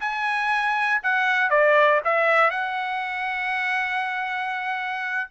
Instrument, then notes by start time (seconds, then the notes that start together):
trumpet
0.00 G#5
1.03 F#5
1.50 D5
2.04 E5
2.50 F#5